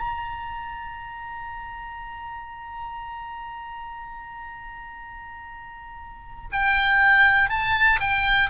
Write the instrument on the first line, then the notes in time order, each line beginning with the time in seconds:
oboe
0.00 A#5
6.52 G5
7.50 A5
8.00 G5